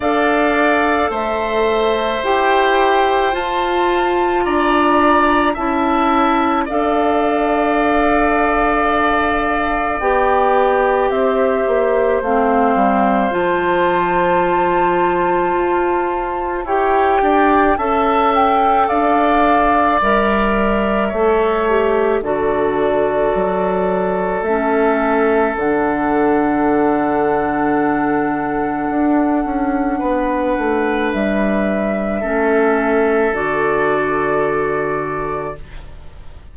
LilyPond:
<<
  \new Staff \with { instrumentName = "flute" } { \time 4/4 \tempo 4 = 54 f''4 e''4 g''4 a''4 | ais''4 a''4 f''2~ | f''4 g''4 e''4 f''4 | a''2. g''4 |
a''8 g''8 f''4 e''2 | d''2 e''4 fis''4~ | fis''1 | e''2 d''2 | }
  \new Staff \with { instrumentName = "oboe" } { \time 4/4 d''4 c''2. | d''4 e''4 d''2~ | d''2 c''2~ | c''2. cis''8 d''8 |
e''4 d''2 cis''4 | a'1~ | a'2. b'4~ | b'4 a'2. | }
  \new Staff \with { instrumentName = "clarinet" } { \time 4/4 a'2 g'4 f'4~ | f'4 e'4 a'2~ | a'4 g'2 c'4 | f'2. g'4 |
a'2 ais'4 a'8 g'8 | fis'2 cis'4 d'4~ | d'1~ | d'4 cis'4 fis'2 | }
  \new Staff \with { instrumentName = "bassoon" } { \time 4/4 d'4 a4 e'4 f'4 | d'4 cis'4 d'2~ | d'4 b4 c'8 ais8 a8 g8 | f2 f'4 e'8 d'8 |
cis'4 d'4 g4 a4 | d4 fis4 a4 d4~ | d2 d'8 cis'8 b8 a8 | g4 a4 d2 | }
>>